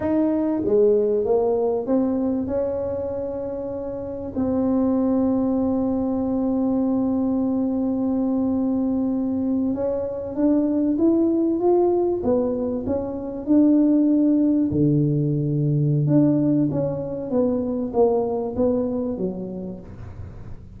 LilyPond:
\new Staff \with { instrumentName = "tuba" } { \time 4/4 \tempo 4 = 97 dis'4 gis4 ais4 c'4 | cis'2. c'4~ | c'1~ | c'2.~ c'8. cis'16~ |
cis'8. d'4 e'4 f'4 b16~ | b8. cis'4 d'2 d16~ | d2 d'4 cis'4 | b4 ais4 b4 fis4 | }